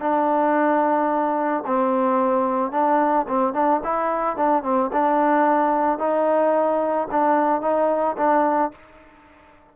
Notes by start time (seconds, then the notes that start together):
0.00 D4
1.66 C4
2.71 D4
3.28 C4
3.53 D4
3.84 E4
4.36 D4
4.63 C4
4.93 D4
5.99 D#4
7.11 D4
7.61 D#4
8.17 D4